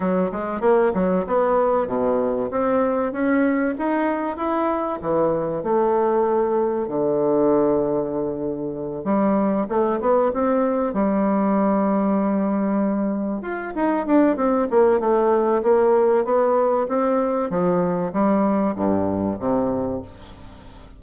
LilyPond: \new Staff \with { instrumentName = "bassoon" } { \time 4/4 \tempo 4 = 96 fis8 gis8 ais8 fis8 b4 b,4 | c'4 cis'4 dis'4 e'4 | e4 a2 d4~ | d2~ d8 g4 a8 |
b8 c'4 g2~ g8~ | g4. f'8 dis'8 d'8 c'8 ais8 | a4 ais4 b4 c'4 | f4 g4 g,4 c4 | }